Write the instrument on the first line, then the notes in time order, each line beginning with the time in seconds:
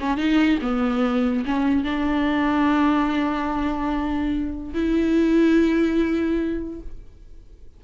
viola
0.00 C#4
0.17 D#4
0.62 B3
1.45 C#4
1.84 D4
4.73 E4